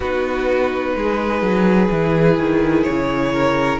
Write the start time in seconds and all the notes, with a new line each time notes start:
0.00 B3 D#4 F#4 B4
0.95 G#3 G#4
1.42 F#3
1.90 E3 E4
2.38 D#3
2.83 C#3 C#5
3.33 A#4